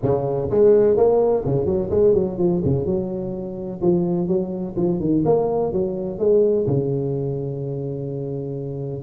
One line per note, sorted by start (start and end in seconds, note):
0.02 0.50 C#3
0.50 0.97 G#3
0.97 1.44 A#3
1.45 1.65 C#3
1.65 1.89 F#3
1.90 2.14 G#3
2.14 2.37 F#3
2.38 2.61 F3
2.64 2.85 C#3
2.85 3.81 F#3
3.81 4.27 F3
4.27 4.75 F#3
4.76 5.00 F3
5.00 5.23 D#3
5.25 5.72 A#3
5.72 6.18 F#3
6.18 6.66 G#3
6.66 9.03 C#3